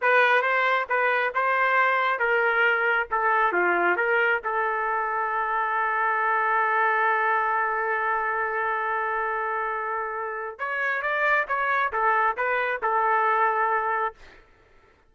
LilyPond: \new Staff \with { instrumentName = "trumpet" } { \time 4/4 \tempo 4 = 136 b'4 c''4 b'4 c''4~ | c''4 ais'2 a'4 | f'4 ais'4 a'2~ | a'1~ |
a'1~ | a'1 | cis''4 d''4 cis''4 a'4 | b'4 a'2. | }